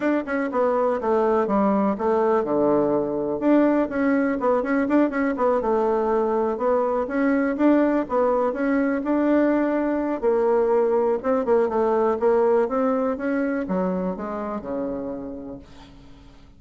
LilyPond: \new Staff \with { instrumentName = "bassoon" } { \time 4/4 \tempo 4 = 123 d'8 cis'8 b4 a4 g4 | a4 d2 d'4 | cis'4 b8 cis'8 d'8 cis'8 b8 a8~ | a4. b4 cis'4 d'8~ |
d'8 b4 cis'4 d'4.~ | d'4 ais2 c'8 ais8 | a4 ais4 c'4 cis'4 | fis4 gis4 cis2 | }